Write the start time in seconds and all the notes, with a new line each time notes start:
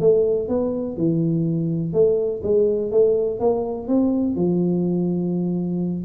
0.00 A3
0.48 B3
0.97 E3
1.93 A3
2.43 G#3
2.91 A3
3.40 A#3
3.88 C4
4.36 F3